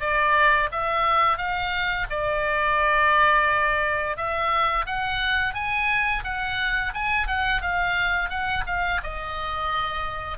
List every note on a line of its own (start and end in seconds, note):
0.00 0.69 D5
0.71 1.37 E5
1.37 2.06 F5
2.10 4.17 D5
4.17 4.86 E5
4.86 5.54 F#5
5.54 6.23 G#5
6.24 6.92 F#5
6.94 7.27 G#5
7.27 7.61 F#5
7.61 8.29 F5
8.29 8.64 F#5
8.66 9.01 F5
9.03 10.37 D#5